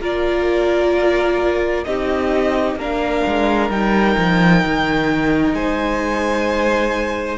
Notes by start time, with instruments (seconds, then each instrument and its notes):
0.00 cello A#3, viola F4, violin A#4 D5
1.84 cello C4, viola D#4, violin G4 D#5
2.75 cello A#3, viola D4, violin A#4 F5
3.26 cello G#3
3.69 cello G3, viola D#4, violin G5
4.17 cello F3
4.64 cello D#3
5.52 cello G#3, violin C5 G#5